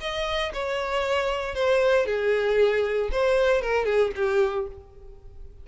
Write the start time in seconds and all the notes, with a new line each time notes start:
0.00 D#5
0.53 C#5
1.54 C5
2.06 G#4
3.11 C5
3.61 A#4
3.85 G#4
4.15 G4